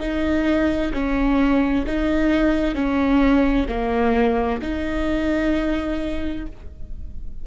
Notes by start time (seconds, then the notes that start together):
0.00 D#4
0.94 C#4
1.87 D#4
2.75 C#4
3.69 A#3
4.62 D#4